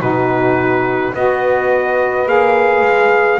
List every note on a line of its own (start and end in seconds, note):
0.00 1.13 B2
0.00 1.13 D#4
0.00 1.14 F#4
0.00 1.14 B4
1.13 2.25 B3
1.13 2.26 F#4
1.13 3.39 B4
1.13 2.28 D#5
2.25 2.81 A#3
2.25 3.39 G#4
2.25 3.39 F5
2.81 3.37 G#3